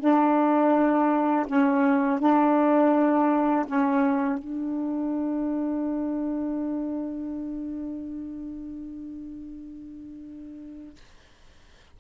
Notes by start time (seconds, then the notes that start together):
0.00 D4
1.47 C#4
2.20 D4
3.67 C#4
4.38 D4